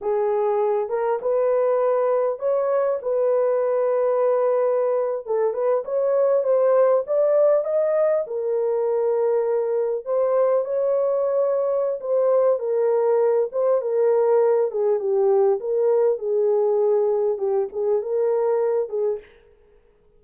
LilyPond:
\new Staff \with { instrumentName = "horn" } { \time 4/4 \tempo 4 = 100 gis'4. ais'8 b'2 | cis''4 b'2.~ | b'8. a'8 b'8 cis''4 c''4 d''16~ | d''8. dis''4 ais'2~ ais'16~ |
ais'8. c''4 cis''2~ cis''16 | c''4 ais'4. c''8 ais'4~ | ais'8 gis'8 g'4 ais'4 gis'4~ | gis'4 g'8 gis'8 ais'4. gis'8 | }